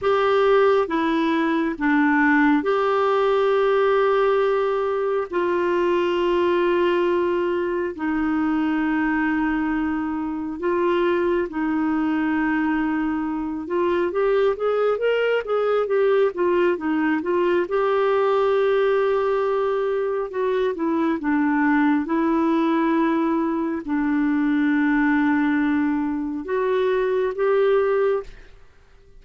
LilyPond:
\new Staff \with { instrumentName = "clarinet" } { \time 4/4 \tempo 4 = 68 g'4 e'4 d'4 g'4~ | g'2 f'2~ | f'4 dis'2. | f'4 dis'2~ dis'8 f'8 |
g'8 gis'8 ais'8 gis'8 g'8 f'8 dis'8 f'8 | g'2. fis'8 e'8 | d'4 e'2 d'4~ | d'2 fis'4 g'4 | }